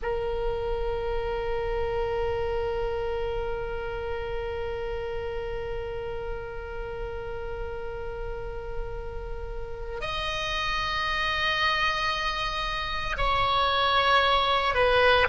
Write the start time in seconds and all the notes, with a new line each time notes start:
0.02 A#4
10.00 D#5
13.17 C#5
14.74 B4